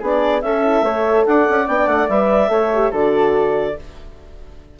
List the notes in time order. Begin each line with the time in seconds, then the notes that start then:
0.00 B3 D4 G#4 D5
0.42 C#4 A4 E5
0.64 E4
0.82 A3 A4 C#5
1.26 D4 D5 F#5
1.50 C#4
1.68 B3 D4 G5
1.87 A3 F#5
2.09 G3 B4 E5
2.49 A3 A4 C#5
2.74 G4
2.92 D3 F#4 A4 D5